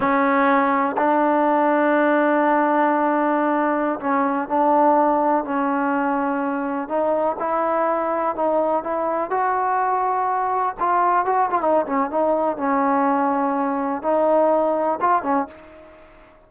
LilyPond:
\new Staff \with { instrumentName = "trombone" } { \time 4/4 \tempo 4 = 124 cis'2 d'2~ | d'1~ | d'16 cis'4 d'2 cis'8.~ | cis'2~ cis'16 dis'4 e'8.~ |
e'4~ e'16 dis'4 e'4 fis'8.~ | fis'2~ fis'16 f'4 fis'8 f'16 | dis'8 cis'8 dis'4 cis'2~ | cis'4 dis'2 f'8 cis'8 | }